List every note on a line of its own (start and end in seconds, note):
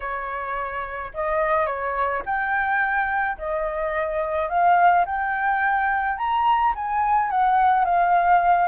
0.00 1.11 C#5
1.14 1.66 D#5
1.66 2.22 C#5
2.25 3.37 G5
3.37 4.49 D#5
4.49 5.05 F5
5.05 6.17 G5
6.17 6.73 A#5
6.75 7.30 G#5
7.30 7.84 F#5
7.84 8.68 F5